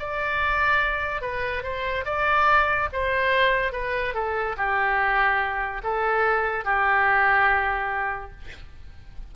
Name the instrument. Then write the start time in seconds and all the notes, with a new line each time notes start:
oboe
0.00 D5
1.22 B4
1.64 C5
2.06 D5
2.93 C5
3.73 B4
4.14 A4
4.58 G4
5.84 A4
6.65 G4